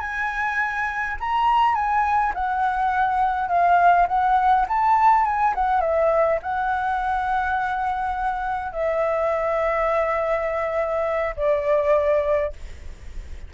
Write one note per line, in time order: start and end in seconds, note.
0.00 1.17 G#5
1.20 1.75 A#5
1.75 2.33 G#5
2.34 3.48 F#5
3.48 4.07 F5
4.08 4.66 F#5
4.68 5.25 A5
5.25 5.54 G#5
5.55 5.81 F#5
5.81 6.39 E5
6.42 8.72 F#5
8.72 11.35 E5
11.36 12.53 D5